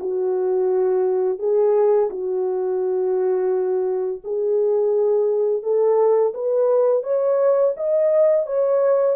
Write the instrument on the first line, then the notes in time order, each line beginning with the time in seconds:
horn
0.00 F#4
1.39 G#4
2.10 F#4
4.24 G#4
5.62 A4
6.34 B4
7.03 C#5
7.76 D#5
8.46 C#5